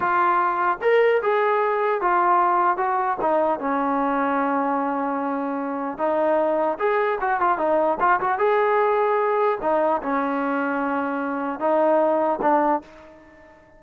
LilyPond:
\new Staff \with { instrumentName = "trombone" } { \time 4/4 \tempo 4 = 150 f'2 ais'4 gis'4~ | gis'4 f'2 fis'4 | dis'4 cis'2.~ | cis'2. dis'4~ |
dis'4 gis'4 fis'8 f'8 dis'4 | f'8 fis'8 gis'2. | dis'4 cis'2.~ | cis'4 dis'2 d'4 | }